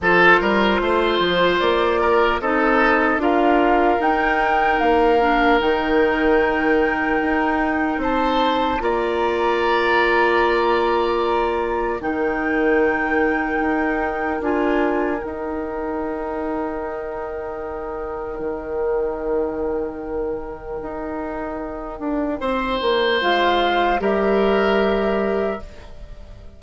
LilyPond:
<<
  \new Staff \with { instrumentName = "flute" } { \time 4/4 \tempo 4 = 75 c''2 d''4 dis''4 | f''4 g''4 f''4 g''4~ | g''2 a''4 ais''4~ | ais''2. g''4~ |
g''2 gis''4 g''4~ | g''1~ | g''1~ | g''4 f''4 e''2 | }
  \new Staff \with { instrumentName = "oboe" } { \time 4/4 a'8 ais'8 c''4. ais'8 a'4 | ais'1~ | ais'2 c''4 d''4~ | d''2. ais'4~ |
ais'1~ | ais'1~ | ais'1 | c''2 ais'2 | }
  \new Staff \with { instrumentName = "clarinet" } { \time 4/4 f'2. dis'4 | f'4 dis'4. d'8 dis'4~ | dis'2. f'4~ | f'2. dis'4~ |
dis'2 f'4 dis'4~ | dis'1~ | dis'1~ | dis'4 f'4 g'2 | }
  \new Staff \with { instrumentName = "bassoon" } { \time 4/4 f8 g8 a8 f8 ais4 c'4 | d'4 dis'4 ais4 dis4~ | dis4 dis'4 c'4 ais4~ | ais2. dis4~ |
dis4 dis'4 d'4 dis'4~ | dis'2. dis4~ | dis2 dis'4. d'8 | c'8 ais8 gis4 g2 | }
>>